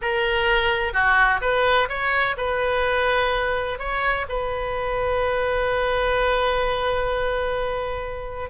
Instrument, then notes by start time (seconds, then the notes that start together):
oboe
0.01 A#4
0.93 F#4
1.41 B4
1.88 C#5
2.37 B4
3.79 C#5
4.28 B4